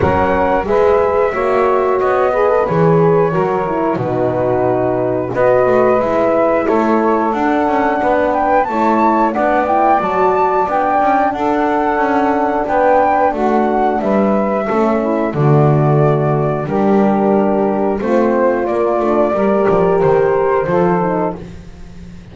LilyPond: <<
  \new Staff \with { instrumentName = "flute" } { \time 4/4 \tempo 4 = 90 fis''4 e''2 dis''4 | cis''2 b'2 | dis''4 e''4 cis''4 fis''4~ | fis''8 g''8 a''4 fis''8 g''8 a''4 |
g''4 fis''2 g''4 | fis''4 e''2 d''4~ | d''4 ais'2 c''4 | d''2 c''2 | }
  \new Staff \with { instrumentName = "saxophone" } { \time 4/4 ais'4 b'4 cis''4. b'8~ | b'4 ais'4 fis'2 | b'2 a'2 | b'4 cis''4 d''2~ |
d''4 a'2 b'4 | fis'4 b'4 a'8 e'8 fis'4~ | fis'4 g'2 f'4~ | f'4 ais'2 a'4 | }
  \new Staff \with { instrumentName = "horn" } { \time 4/4 cis'4 gis'4 fis'4. gis'16 a'16 | gis'4 fis'8 e'8 dis'2 | fis'4 e'2 d'4~ | d'4 e'4 d'8 e'8 fis'4 |
d'1~ | d'2 cis'4 a4~ | a4 d'2 c'4 | ais8 d'8 g'2 f'8 dis'8 | }
  \new Staff \with { instrumentName = "double bass" } { \time 4/4 fis4 gis4 ais4 b4 | e4 fis4 b,2 | b8 a8 gis4 a4 d'8 cis'8 | b4 a4 b4 fis4 |
b8 cis'8 d'4 cis'4 b4 | a4 g4 a4 d4~ | d4 g2 a4 | ais8 a8 g8 f8 dis4 f4 | }
>>